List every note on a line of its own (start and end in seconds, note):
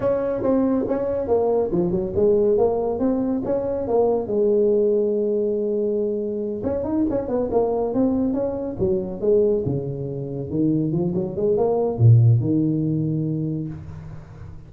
0.00 0.42 C#4
0.42 0.85 C4
0.88 1.27 C#4
1.27 1.70 A#3
1.71 1.91 F3
1.91 2.12 F#3
2.15 2.57 G#3
2.57 2.99 A#3
2.99 3.42 C4
3.44 3.87 C#4
3.87 4.27 A#3
4.27 6.63 G#3
6.63 6.84 C#4
6.84 7.05 D#4
7.09 7.28 C#4
7.28 7.49 B3
7.51 7.93 A#3
7.93 8.33 C4
8.33 8.76 C#4
8.79 9.20 F#3
9.20 9.63 G#3
9.65 10.49 C#3
10.49 10.91 D#3
10.91 11.13 F3
11.14 11.36 F#3
11.36 11.57 G#3
11.57 11.98 A#3
11.98 12.40 A#2
12.40 13.68 D#3